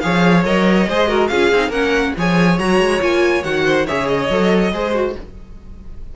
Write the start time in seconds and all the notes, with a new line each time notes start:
0.00 F3 G#4 C#5 F5
0.44 F#3 A#4 D#5
0.89 G#3 G#4 C5
1.08 F#4 A#4
1.28 C#4 F4 G#4 F5
1.52 C4 D#4
1.69 A#3 C#4 A#4 F#5
2.17 F3 G#4 C#5 G#5
2.59 F#3 F#4 A#5
2.80 G#3
3.00 A#3 F4 G#5
3.44 D#3 F#4 F#5
3.65 C5
3.86 C#3 G#4 C#5 E5
4.08 D#5
4.30 F#3 A4
4.72 G#3 G#4 C5
4.94 F#4